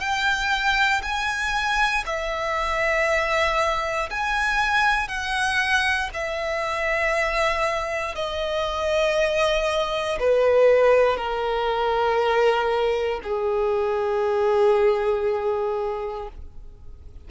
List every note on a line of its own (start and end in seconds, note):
0.00 1.02 G5
1.03 2.04 G#5
2.07 4.10 E5
4.10 5.08 G#5
5.08 6.10 F#5
6.14 8.15 E5
8.15 10.19 D#5
10.20 11.17 B4
11.17 13.21 A#4
13.24 16.29 G#4